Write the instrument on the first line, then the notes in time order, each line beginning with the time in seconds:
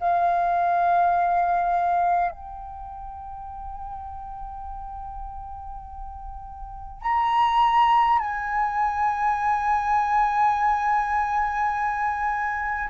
flute
0.00 F5
2.32 G5
7.02 A#5
8.19 G#5